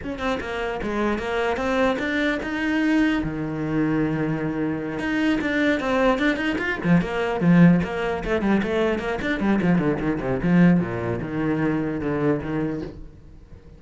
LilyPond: \new Staff \with { instrumentName = "cello" } { \time 4/4 \tempo 4 = 150 cis'8 c'8 ais4 gis4 ais4 | c'4 d'4 dis'2 | dis1~ | dis8 dis'4 d'4 c'4 d'8 |
dis'8 f'8 f8 ais4 f4 ais8~ | ais8 a8 g8 a4 ais8 d'8 g8 | f8 d8 dis8 c8 f4 ais,4 | dis2 d4 dis4 | }